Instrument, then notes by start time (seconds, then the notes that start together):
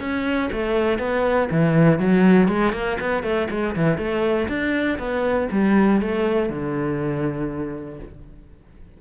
cello
0.00 C#4
0.53 A3
0.99 B3
1.52 E3
2.00 F#3
2.49 G#3
2.73 A#3
3.01 B3
3.23 A3
3.51 G#3
3.76 E3
3.98 A3
4.49 D4
4.99 B3
5.52 G3
6.02 A3
6.50 D3